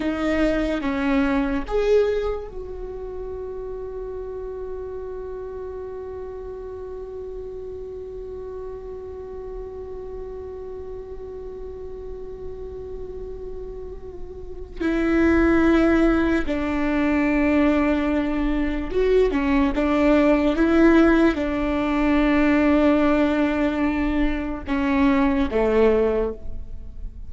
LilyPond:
\new Staff \with { instrumentName = "viola" } { \time 4/4 \tempo 4 = 73 dis'4 cis'4 gis'4 fis'4~ | fis'1~ | fis'1~ | fis'1~ |
fis'2 e'2 | d'2. fis'8 cis'8 | d'4 e'4 d'2~ | d'2 cis'4 a4 | }